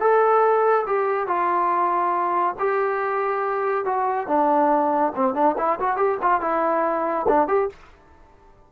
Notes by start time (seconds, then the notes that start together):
0.00 A4
0.86 G4
1.27 F4
2.59 G4
3.85 F#4
4.27 D4
5.15 C4
5.34 D4
5.57 E4
5.80 F#4
5.96 G4
6.21 F4
6.41 E4
7.28 D4
7.48 G4